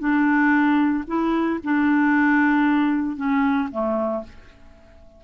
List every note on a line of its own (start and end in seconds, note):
0.00 1.04 D4
1.07 1.60 E4
1.64 3.17 D4
3.17 3.69 C#4
3.72 4.24 A3